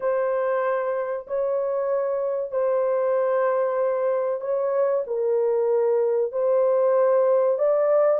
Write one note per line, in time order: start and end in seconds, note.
0.00 1.26 C5
1.27 2.51 C#5
2.51 4.40 C5
4.40 5.04 C#5
5.06 6.32 A#4
6.32 7.58 C5
7.58 8.19 D5